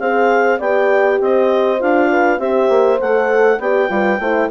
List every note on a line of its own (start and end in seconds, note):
0.00 0.60 C4
0.00 0.60 G#4
0.00 0.59 C5
0.00 0.60 F5
0.59 1.20 B3
0.59 1.80 G4
0.59 1.19 D5
0.59 1.21 G5
1.21 1.81 C4
1.21 2.11 C5
1.21 1.82 D#5
1.80 2.40 D4
1.80 2.39 F4
1.80 2.40 F5
2.11 2.40 B4
2.39 2.69 C4
2.39 2.99 G4
2.39 3.60 C5
2.39 3.00 E5
2.69 2.99 A#3
3.01 3.59 A3
3.01 3.61 A4
3.01 3.60 F#5
3.59 3.89 B3
3.59 3.89 G4
3.59 3.91 D5
3.59 4.50 G5
3.89 4.20 G3
3.89 4.19 F4
3.89 4.21 B4
4.20 4.50 A3
4.20 4.51 E4
4.20 4.51 C5